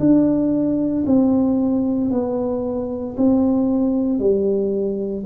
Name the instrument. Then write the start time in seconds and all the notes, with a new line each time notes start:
tuba
0.00 D4
1.07 C4
2.11 B3
3.17 C4
4.19 G3